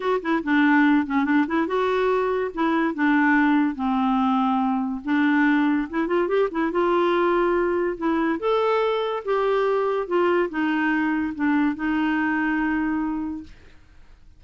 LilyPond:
\new Staff \with { instrumentName = "clarinet" } { \time 4/4 \tempo 4 = 143 fis'8 e'8 d'4. cis'8 d'8 e'8 | fis'2 e'4 d'4~ | d'4 c'2. | d'2 e'8 f'8 g'8 e'8 |
f'2. e'4 | a'2 g'2 | f'4 dis'2 d'4 | dis'1 | }